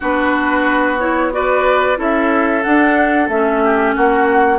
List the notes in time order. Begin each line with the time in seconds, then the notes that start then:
0.00 B3 D4 F#4 B4
0.99 E4 C#5
1.32 F#4 B4 D5
1.96 C#4 E4 A4 E5
2.62 D4 F#5
3.28 A3 C#4 E5
3.63 G4
3.95 A#3 F#4 F#5